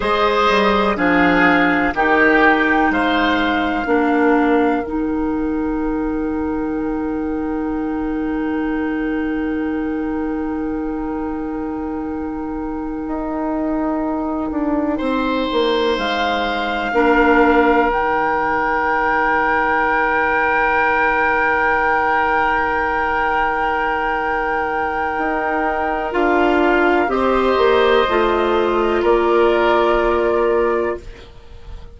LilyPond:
<<
  \new Staff \with { instrumentName = "flute" } { \time 4/4 \tempo 4 = 62 dis''4 f''4 g''4 f''4~ | f''4 g''2.~ | g''1~ | g''1~ |
g''8 f''2 g''4.~ | g''1~ | g''2. f''4 | dis''2 d''2 | }
  \new Staff \with { instrumentName = "oboe" } { \time 4/4 c''4 gis'4 g'4 c''4 | ais'1~ | ais'1~ | ais'2.~ ais'8 c''8~ |
c''4. ais'2~ ais'8~ | ais'1~ | ais'1 | c''2 ais'2 | }
  \new Staff \with { instrumentName = "clarinet" } { \time 4/4 gis'4 d'4 dis'2 | d'4 dis'2.~ | dis'1~ | dis'1~ |
dis'4. d'4 dis'4.~ | dis'1~ | dis'2. f'4 | g'4 f'2. | }
  \new Staff \with { instrumentName = "bassoon" } { \time 4/4 gis8 g8 f4 dis4 gis4 | ais4 dis2.~ | dis1~ | dis4. dis'4. d'8 c'8 |
ais8 gis4 ais4 dis4.~ | dis1~ | dis2 dis'4 d'4 | c'8 ais8 a4 ais2 | }
>>